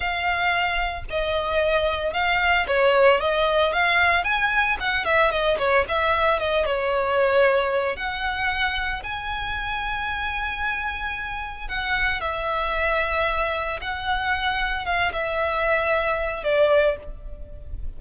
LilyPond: \new Staff \with { instrumentName = "violin" } { \time 4/4 \tempo 4 = 113 f''2 dis''2 | f''4 cis''4 dis''4 f''4 | gis''4 fis''8 e''8 dis''8 cis''8 e''4 | dis''8 cis''2~ cis''8 fis''4~ |
fis''4 gis''2.~ | gis''2 fis''4 e''4~ | e''2 fis''2 | f''8 e''2~ e''8 d''4 | }